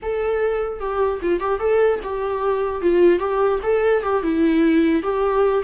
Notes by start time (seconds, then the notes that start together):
0.02 A4
0.80 G4
1.22 F4
1.39 G4
1.59 A4
2.03 G4
2.81 F4
3.19 G4
3.62 A4
4.02 G4
4.22 E4
5.02 G4